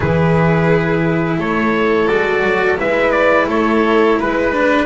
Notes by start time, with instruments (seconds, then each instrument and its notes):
0.00 double bass E3, cello E4, violin G#4, trumpet B4
1.37 double bass A3, violin A4, trumpet C#5
2.08 double bass G#3, cello F#4, trumpet D5
2.43 double bass F#3
2.78 double bass G#3, cello E4, violin B4, trumpet E5
3.11 trumpet D5
3.46 double bass A3, violin A4, trumpet C#5
4.19 double bass G#3, violin B4, trumpet B4
4.52 cello D4